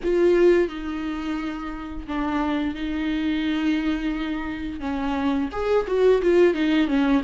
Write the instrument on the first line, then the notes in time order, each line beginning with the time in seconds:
viola
0.03 F4
0.68 D#4
2.07 D4
2.74 D#4
4.80 C#4
5.52 G#4
5.87 F#4
6.22 F4
6.54 D#4
6.87 C#4